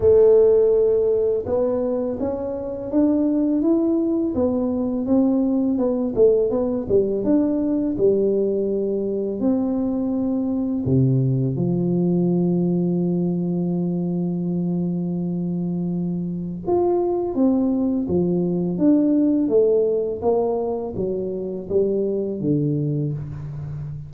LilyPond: \new Staff \with { instrumentName = "tuba" } { \time 4/4 \tempo 4 = 83 a2 b4 cis'4 | d'4 e'4 b4 c'4 | b8 a8 b8 g8 d'4 g4~ | g4 c'2 c4 |
f1~ | f2. f'4 | c'4 f4 d'4 a4 | ais4 fis4 g4 d4 | }